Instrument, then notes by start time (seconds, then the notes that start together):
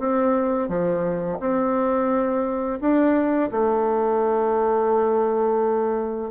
bassoon
0.00 C4
0.69 F3
1.40 C4
2.81 D4
3.52 A3